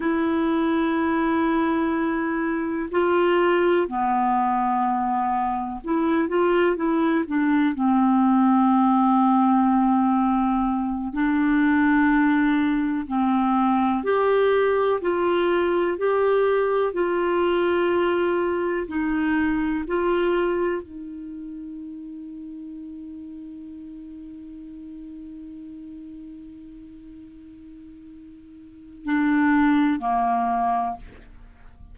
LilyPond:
\new Staff \with { instrumentName = "clarinet" } { \time 4/4 \tempo 4 = 62 e'2. f'4 | b2 e'8 f'8 e'8 d'8 | c'2.~ c'8 d'8~ | d'4. c'4 g'4 f'8~ |
f'8 g'4 f'2 dis'8~ | dis'8 f'4 dis'2~ dis'8~ | dis'1~ | dis'2 d'4 ais4 | }